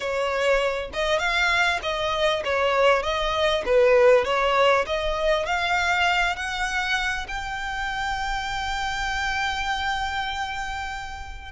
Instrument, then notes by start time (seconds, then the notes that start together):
violin
0.00 C#5
0.93 D#5
1.18 F5
1.82 D#5
2.44 C#5
3.02 D#5
3.65 B4
4.24 C#5
4.86 D#5
5.45 F5
6.36 F#5
7.28 G5